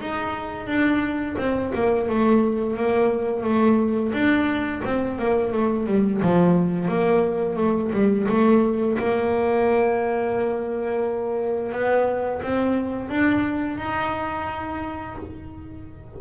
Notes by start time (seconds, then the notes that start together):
0.00 D#4
0.66 D4
1.37 C4
1.74 A#3
2.08 A3
2.76 A#3
3.43 A3
4.12 D4
4.84 C4
5.18 A#3
5.52 A3
5.86 G3
6.22 F3
6.88 A#3
7.56 A3
7.92 G3
8.28 A3
8.98 A#3
11.72 B3
12.42 C4
13.09 D4
13.77 D#4